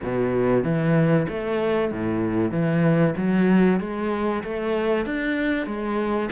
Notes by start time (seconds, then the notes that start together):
0.02 B2
0.63 E3
1.28 A3
1.91 A2
2.51 E3
3.16 F#3
3.80 G#3
4.43 A3
5.05 D4
5.66 G#3